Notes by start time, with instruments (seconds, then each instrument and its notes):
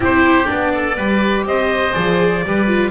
0.00 double bass C4, viola E4, oboe G4, trumpet C5
0.45 double bass B3, viola D4, trumpet D5
0.74 oboe A4
0.96 double bass G3, viola G4, oboe B4
1.45 double bass C4, oboe C5, trumpet D#5
1.93 double bass F3, viola G#4, trumpet D5
2.45 double bass G3, viola G4, oboe B4
2.67 viola F4